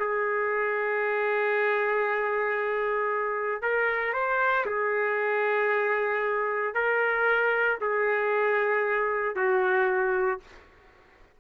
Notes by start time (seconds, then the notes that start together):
0.00 G#4
3.63 A#4
4.14 C5
4.66 G#4
6.75 A#4
7.81 G#4
9.36 F#4